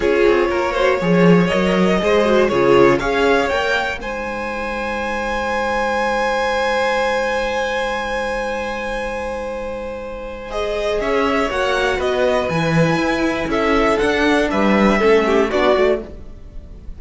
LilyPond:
<<
  \new Staff \with { instrumentName = "violin" } { \time 4/4 \tempo 4 = 120 cis''2. dis''4~ | dis''4 cis''4 f''4 g''4 | gis''1~ | gis''1~ |
gis''1~ | gis''4 dis''4 e''4 fis''4 | dis''4 gis''2 e''4 | fis''4 e''2 d''4 | }
  \new Staff \with { instrumentName = "violin" } { \time 4/4 gis'4 ais'8 c''8 cis''2 | c''4 gis'4 cis''2 | c''1~ | c''1~ |
c''1~ | c''2 cis''2 | b'2. a'4~ | a'4 b'4 a'8 g'8 fis'4 | }
  \new Staff \with { instrumentName = "viola" } { \time 4/4 f'4. fis'8 gis'4 ais'4 | gis'8 fis'8 f'4 gis'4 ais'4 | dis'1~ | dis'1~ |
dis'1~ | dis'4 gis'2 fis'4~ | fis'4 e'2. | d'2 cis'4 d'8 fis'8 | }
  \new Staff \with { instrumentName = "cello" } { \time 4/4 cis'8 c'8 ais4 f4 fis4 | gis4 cis4 cis'4 ais4 | gis1~ | gis1~ |
gis1~ | gis2 cis'4 ais4 | b4 e4 e'4 cis'4 | d'4 g4 a4 b8 a8 | }
>>